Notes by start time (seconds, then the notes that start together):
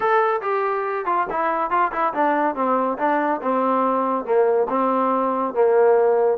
0.00 A4
0.41 G4
1.05 F4
1.29 E4
1.70 F4
1.91 E4
2.13 D4
2.55 C4
2.98 D4
3.42 C4
4.24 A#3
4.69 C4
5.54 A#3